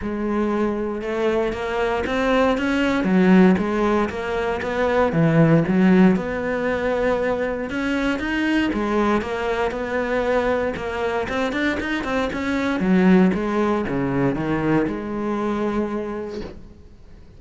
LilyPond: \new Staff \with { instrumentName = "cello" } { \time 4/4 \tempo 4 = 117 gis2 a4 ais4 | c'4 cis'4 fis4 gis4 | ais4 b4 e4 fis4 | b2. cis'4 |
dis'4 gis4 ais4 b4~ | b4 ais4 c'8 d'8 dis'8 c'8 | cis'4 fis4 gis4 cis4 | dis4 gis2. | }